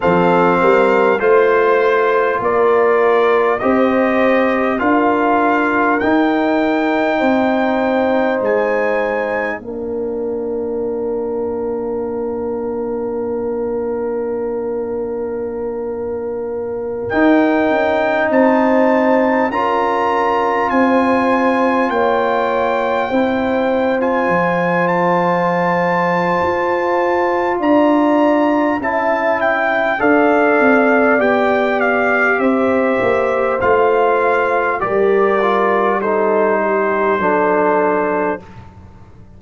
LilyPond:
<<
  \new Staff \with { instrumentName = "trumpet" } { \time 4/4 \tempo 4 = 50 f''4 c''4 d''4 dis''4 | f''4 g''2 gis''4 | f''1~ | f''2~ f''16 g''4 a''8.~ |
a''16 ais''4 gis''4 g''4.~ g''16 | gis''8. a''2~ a''16 ais''4 | a''8 g''8 f''4 g''8 f''8 e''4 | f''4 d''4 c''2 | }
  \new Staff \with { instrumentName = "horn" } { \time 4/4 a'8 ais'8 c''4 ais'4 c''4 | ais'2 c''2 | ais'1~ | ais'2.~ ais'16 c''8.~ |
c''16 ais'4 c''4 cis''4 c''8.~ | c''2. d''4 | e''4 d''2 c''4~ | c''4 ais'4 a'8 g'8 a'4 | }
  \new Staff \with { instrumentName = "trombone" } { \time 4/4 c'4 f'2 g'4 | f'4 dis'2. | d'1~ | d'2~ d'16 dis'4.~ dis'16~ |
dis'16 f'2. e'8. | f'1 | e'4 a'4 g'2 | f'4 g'8 f'8 dis'4 d'4 | }
  \new Staff \with { instrumentName = "tuba" } { \time 4/4 f8 g8 a4 ais4 c'4 | d'4 dis'4 c'4 gis4 | ais1~ | ais2~ ais16 dis'8 cis'8 c'8.~ |
c'16 cis'4 c'4 ais4 c'8.~ | c'16 f4.~ f16 f'4 d'4 | cis'4 d'8 c'8 b4 c'8 ais8 | a4 g2 fis4 | }
>>